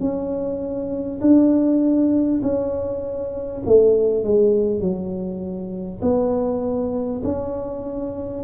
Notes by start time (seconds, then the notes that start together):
0.00 C#4
1.21 D4
2.43 C#4
3.66 A3
4.24 G#3
4.81 F#3
6.02 B3
7.23 C#4